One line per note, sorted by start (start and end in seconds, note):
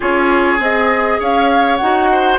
0.00 0.59 C#4
0.00 0.59 F4
0.00 1.19 G#4
0.00 0.61 C#5
0.59 1.19 C4
0.59 1.79 G#4
0.59 1.21 D#5
1.19 1.79 C#4
1.19 2.09 C#5
1.19 1.76 F5
1.76 2.39 D#4
1.76 2.39 F#4
1.76 2.36 F#5
2.11 2.39 C5